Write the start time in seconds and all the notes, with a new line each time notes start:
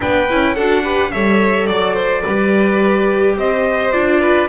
0.00 B3 D4 B4 G5
0.29 C#4 E4
0.54 D4 F#4 A4 F#5
0.83 G4 B4
1.10 G3 A4 C#5 E5
1.66 F#3 D5
1.93 C5
2.23 G3 G4 B4
3.36 C4 C5 D#5
3.92 D4 F4 D5
4.20 B4